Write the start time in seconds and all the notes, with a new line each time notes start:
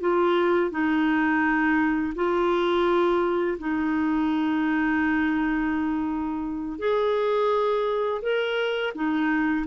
0.00 F4
0.70 D#4
2.15 F4
3.58 D#4
6.79 G#4
8.22 A#4
8.94 D#4